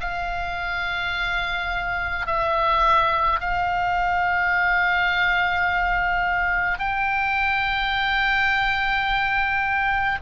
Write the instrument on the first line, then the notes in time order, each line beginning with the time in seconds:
oboe
0.00 F5
2.26 E5
3.40 F5
6.78 G5